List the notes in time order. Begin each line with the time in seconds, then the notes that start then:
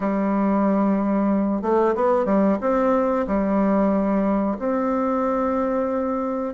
0.00 G3
1.62 A3
1.95 B3
2.25 G3
2.60 C4
3.27 G3
4.58 C4